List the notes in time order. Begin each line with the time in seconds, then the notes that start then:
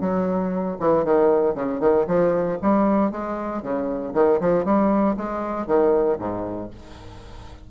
0.00 F#3
0.79 E3
1.04 D#3
1.54 C#3
1.79 D#3
2.07 F3
2.62 G3
3.11 G#3
3.62 C#3
4.14 D#3
4.40 F3
4.64 G3
5.16 G#3
5.66 D#3
6.19 G#2